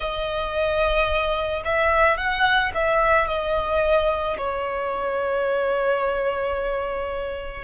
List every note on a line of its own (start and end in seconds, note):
0.00 1.62 D#5
1.64 2.17 E5
2.17 2.71 F#5
2.74 3.27 E5
3.27 4.36 D#5
4.37 7.64 C#5